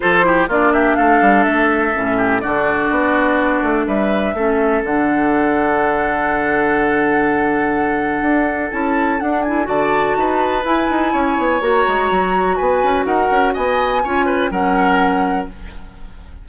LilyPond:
<<
  \new Staff \with { instrumentName = "flute" } { \time 4/4 \tempo 4 = 124 c''4 d''8 e''8 f''4 e''4~ | e''4 d''2. | e''2 fis''2~ | fis''1~ |
fis''2 a''4 fis''8 gis''8 | a''2 gis''2 | ais''2 gis''4 fis''4 | gis''2 fis''2 | }
  \new Staff \with { instrumentName = "oboe" } { \time 4/4 a'8 g'8 f'8 g'8 a'2~ | a'8 g'8 fis'2. | b'4 a'2.~ | a'1~ |
a'1 | d''4 b'2 cis''4~ | cis''2 b'4 ais'4 | dis''4 cis''8 b'8 ais'2 | }
  \new Staff \with { instrumentName = "clarinet" } { \time 4/4 f'8 e'8 d'2. | cis'4 d'2.~ | d'4 cis'4 d'2~ | d'1~ |
d'2 e'4 d'8 e'8 | fis'2 e'2 | fis'1~ | fis'4 f'4 cis'2 | }
  \new Staff \with { instrumentName = "bassoon" } { \time 4/4 f4 ais4 a8 g8 a4 | a,4 d4 b4. a8 | g4 a4 d2~ | d1~ |
d4 d'4 cis'4 d'4 | d4 dis'4 e'8 dis'8 cis'8 b8 | ais8 gis8 fis4 b8 cis'8 dis'8 cis'8 | b4 cis'4 fis2 | }
>>